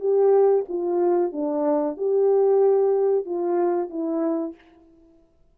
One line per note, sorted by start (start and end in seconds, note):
0.00 0.65 G4
0.69 1.32 F4
1.32 1.97 D4
1.97 3.26 G4
3.26 3.90 F4
3.90 4.55 E4